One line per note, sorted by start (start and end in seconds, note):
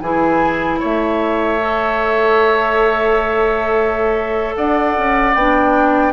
0.00 0.79 E3
0.00 1.58 E4
0.00 0.79 G#4
0.00 0.79 G#5
0.79 4.57 A3
0.79 4.54 C#5
0.79 4.56 E5
1.58 5.33 A4
4.56 4.96 D4
4.56 6.12 D5
4.56 5.34 F#5
4.97 5.35 C#4
5.34 6.12 B3
5.34 6.12 D4
5.34 6.12 G5